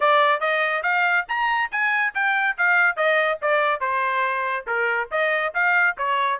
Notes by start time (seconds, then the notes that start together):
0.00 D5
0.40 D#5
0.83 F5
1.28 A#5
1.71 G#5
2.14 G5
2.57 F5
2.96 D#5
3.41 D5
3.80 C5
4.66 A#4
5.11 D#5
5.54 F5
5.97 C#5